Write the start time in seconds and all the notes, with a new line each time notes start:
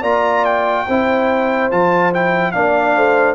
0.00 A#3 F4 D5 A#5
0.45 G5
0.87 C4 E4 C5
1.71 F3 F4 A5
2.12 E4 G5
2.51 A#3 D4 D5 F5
2.96 A3 C5